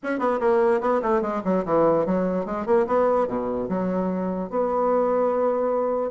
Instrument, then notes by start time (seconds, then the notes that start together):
bassoon
0.03 C#4
0.19 B3
0.40 A#3
0.80 B3
1.02 A3
1.21 G#3
1.44 F#3
1.65 E3
2.05 F#3
2.45 G#3
2.65 A#3
2.87 B3
3.27 B2
3.68 F#3
4.49 B3